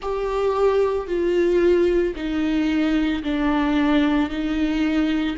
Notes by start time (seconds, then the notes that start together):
0.01 G4
1.07 F4
2.15 D#4
3.23 D4
4.29 D#4